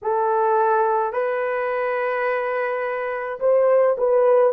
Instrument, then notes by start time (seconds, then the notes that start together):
horn
0.02 A4
1.12 B4
3.40 C5
3.97 B4